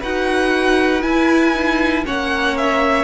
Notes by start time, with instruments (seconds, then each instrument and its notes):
0.00 cello D#4, viola F#4, violin B4 F#5
1.02 viola E4, cello E4, violin G#5
1.55 viola D#4
2.05 cello A#3, viola C#4, violin C#5 F#5
2.58 violin E5